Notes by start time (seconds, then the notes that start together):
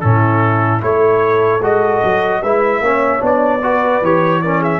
0.00 A2 C#4 E4 A4
0.80 A3 E4 A4 C#5
1.60 G#3 F#4 D#5
2.04 F#3
2.41 G#3 E4 B4 E5
2.80 A#3 C#4 C#5
3.19 B3 D4
3.25 D5
3.61 F#4 B4
4.01 E3 G4 C#5
4.41 C#4 A#4 D5
4.60 G#4 E5